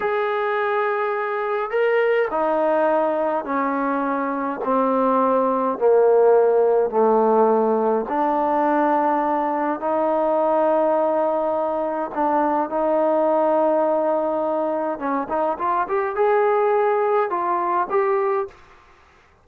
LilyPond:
\new Staff \with { instrumentName = "trombone" } { \time 4/4 \tempo 4 = 104 gis'2. ais'4 | dis'2 cis'2 | c'2 ais2 | a2 d'2~ |
d'4 dis'2.~ | dis'4 d'4 dis'2~ | dis'2 cis'8 dis'8 f'8 g'8 | gis'2 f'4 g'4 | }